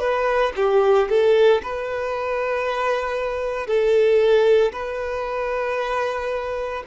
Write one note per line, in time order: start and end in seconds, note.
0.00 0.53 B4
0.56 1.09 G4
1.09 1.62 A4
1.63 3.67 B4
3.67 4.72 A4
4.73 6.83 B4